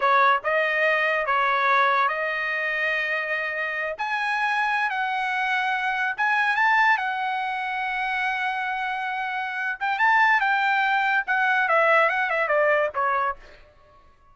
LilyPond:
\new Staff \with { instrumentName = "trumpet" } { \time 4/4 \tempo 4 = 144 cis''4 dis''2 cis''4~ | cis''4 dis''2.~ | dis''4. gis''2~ gis''16 fis''16~ | fis''2~ fis''8. gis''4 a''16~ |
a''8. fis''2.~ fis''16~ | fis''2.~ fis''8 g''8 | a''4 g''2 fis''4 | e''4 fis''8 e''8 d''4 cis''4 | }